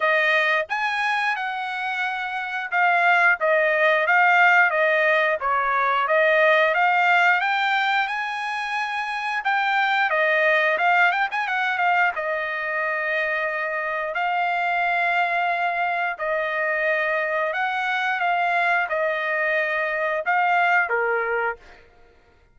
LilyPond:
\new Staff \with { instrumentName = "trumpet" } { \time 4/4 \tempo 4 = 89 dis''4 gis''4 fis''2 | f''4 dis''4 f''4 dis''4 | cis''4 dis''4 f''4 g''4 | gis''2 g''4 dis''4 |
f''8 g''16 gis''16 fis''8 f''8 dis''2~ | dis''4 f''2. | dis''2 fis''4 f''4 | dis''2 f''4 ais'4 | }